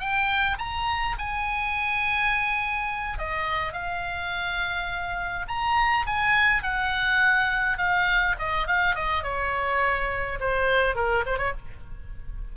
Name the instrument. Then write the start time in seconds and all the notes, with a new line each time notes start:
oboe
0.00 G5
0.59 A#5
1.19 G#5
3.19 D#5
3.73 F5
5.49 A#5
6.07 G#5
6.63 F#5
7.78 F5
8.39 D#5
8.67 F5
8.96 D#5
9.24 C#5
10.40 C5
10.95 A#4
11.26 C5
11.38 C#5